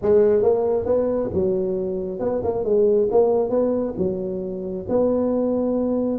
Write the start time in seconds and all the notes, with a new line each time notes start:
0.02 G#3
0.42 A#3
0.85 B3
1.33 F#3
2.19 B3
2.43 A#3
2.64 G#3
3.11 A#3
3.49 B3
3.97 F#3
4.89 B3